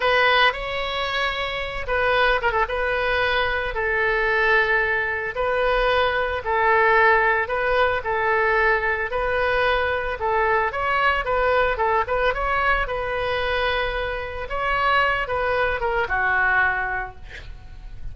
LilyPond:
\new Staff \with { instrumentName = "oboe" } { \time 4/4 \tempo 4 = 112 b'4 cis''2~ cis''8 b'8~ | b'8 ais'16 a'16 b'2 a'4~ | a'2 b'2 | a'2 b'4 a'4~ |
a'4 b'2 a'4 | cis''4 b'4 a'8 b'8 cis''4 | b'2. cis''4~ | cis''8 b'4 ais'8 fis'2 | }